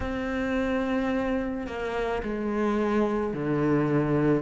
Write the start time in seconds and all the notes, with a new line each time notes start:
0.00 C4
1.67 A#3
2.22 G#3
3.33 D3